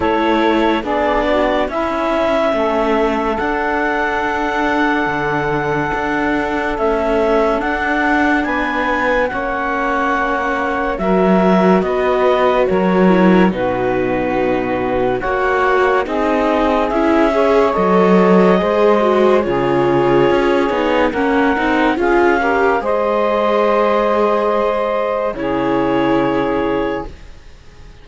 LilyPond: <<
  \new Staff \with { instrumentName = "clarinet" } { \time 4/4 \tempo 4 = 71 cis''4 d''4 e''2 | fis''1 | e''4 fis''4 gis''4 fis''4~ | fis''4 e''4 dis''4 cis''4 |
b'2 fis''4 dis''4 | e''4 dis''2 cis''4~ | cis''4 fis''4 f''4 dis''4~ | dis''2 cis''2 | }
  \new Staff \with { instrumentName = "saxophone" } { \time 4/4 a'4 gis'8 fis'8 e'4 a'4~ | a'1~ | a'2 b'4 cis''4~ | cis''4 ais'4 b'4 ais'4 |
fis'2 cis''4 gis'4~ | gis'8 cis''4. c''4 gis'4~ | gis'4 ais'4 gis'8 ais'8 c''4~ | c''2 gis'2 | }
  \new Staff \with { instrumentName = "viola" } { \time 4/4 e'4 d'4 cis'2 | d'1 | a4 d'2 cis'4~ | cis'4 fis'2~ fis'8 e'8 |
dis'2 fis'4 dis'4 | e'8 gis'8 a'4 gis'8 fis'8 f'4~ | f'8 dis'8 cis'8 dis'8 f'8 g'8 gis'4~ | gis'2 e'2 | }
  \new Staff \with { instrumentName = "cello" } { \time 4/4 a4 b4 cis'4 a4 | d'2 d4 d'4 | cis'4 d'4 b4 ais4~ | ais4 fis4 b4 fis4 |
b,2 ais4 c'4 | cis'4 fis4 gis4 cis4 | cis'8 b8 ais8 c'8 cis'4 gis4~ | gis2 cis2 | }
>>